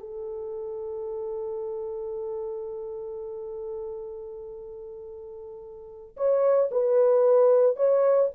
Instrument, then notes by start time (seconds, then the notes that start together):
horn
0.00 A4
6.17 C#5
6.71 B4
7.77 C#5